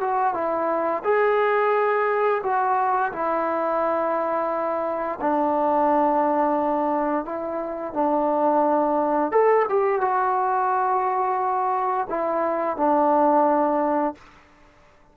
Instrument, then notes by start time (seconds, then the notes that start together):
trombone
0.00 F#4
0.34 E4
1.04 G#4
2.43 F#4
3.12 E4
5.20 D4
7.25 E4
7.93 D4
9.31 A4
9.69 G4
10.01 F#4
12.09 E4
12.77 D4